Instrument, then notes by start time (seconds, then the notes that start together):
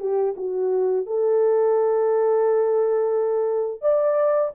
horn
0.00 G4
0.37 F#4
1.06 A4
3.82 D5